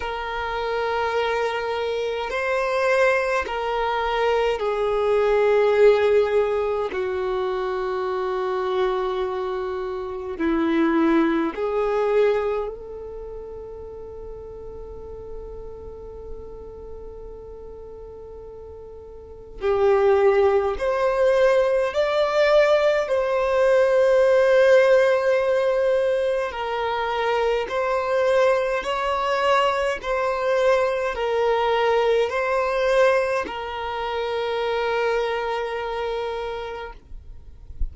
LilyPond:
\new Staff \with { instrumentName = "violin" } { \time 4/4 \tempo 4 = 52 ais'2 c''4 ais'4 | gis'2 fis'2~ | fis'4 e'4 gis'4 a'4~ | a'1~ |
a'4 g'4 c''4 d''4 | c''2. ais'4 | c''4 cis''4 c''4 ais'4 | c''4 ais'2. | }